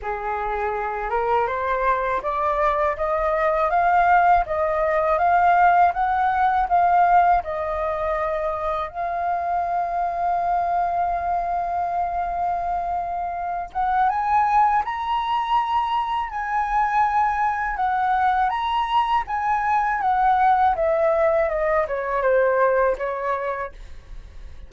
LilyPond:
\new Staff \with { instrumentName = "flute" } { \time 4/4 \tempo 4 = 81 gis'4. ais'8 c''4 d''4 | dis''4 f''4 dis''4 f''4 | fis''4 f''4 dis''2 | f''1~ |
f''2~ f''8 fis''8 gis''4 | ais''2 gis''2 | fis''4 ais''4 gis''4 fis''4 | e''4 dis''8 cis''8 c''4 cis''4 | }